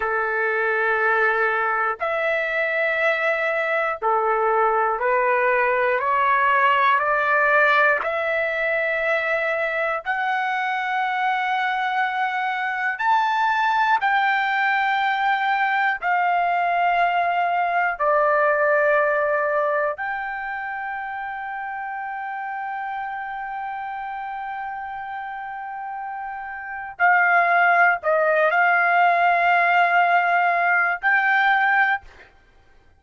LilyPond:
\new Staff \with { instrumentName = "trumpet" } { \time 4/4 \tempo 4 = 60 a'2 e''2 | a'4 b'4 cis''4 d''4 | e''2 fis''2~ | fis''4 a''4 g''2 |
f''2 d''2 | g''1~ | g''2. f''4 | dis''8 f''2~ f''8 g''4 | }